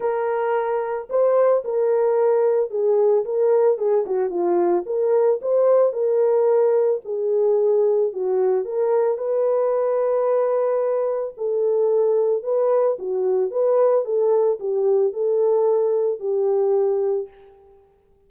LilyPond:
\new Staff \with { instrumentName = "horn" } { \time 4/4 \tempo 4 = 111 ais'2 c''4 ais'4~ | ais'4 gis'4 ais'4 gis'8 fis'8 | f'4 ais'4 c''4 ais'4~ | ais'4 gis'2 fis'4 |
ais'4 b'2.~ | b'4 a'2 b'4 | fis'4 b'4 a'4 g'4 | a'2 g'2 | }